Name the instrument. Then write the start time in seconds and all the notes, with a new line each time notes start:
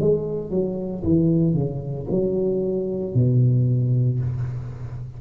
tuba
0.00 G#3
0.50 F#3
1.03 E3
1.54 C#3
2.11 F#3
3.14 B2